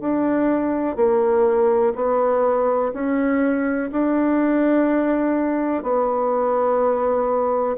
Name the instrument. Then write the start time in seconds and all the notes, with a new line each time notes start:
bassoon
0.00 D4
0.96 A#3
1.95 B3
2.93 C#4
3.91 D4
5.83 B3